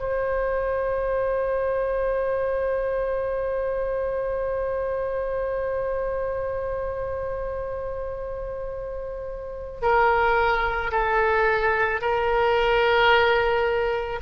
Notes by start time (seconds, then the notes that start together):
0.00 C5
9.82 A#4
10.92 A4
12.02 A#4